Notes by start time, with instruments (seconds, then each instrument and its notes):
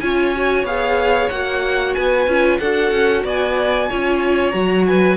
0.00 cello C#4, viola F4, violin C#5 G#5
0.35 viola F#4
0.64 cello B3, viola G#4, violin F5
1.30 cello A#3, viola F#4, violin F#5
1.94 cello B3, violin B4 G#5
2.27 cello C#4, viola F4
2.59 cello D4, viola F#4, violin A4 F#5
2.91 cello C#4
3.24 cello B3, violin D5 G#5
3.89 cello C#4, viola F4, violin C#5
4.51 cello F#3, viola F#4, violin A#5
4.86 violin B4 G#5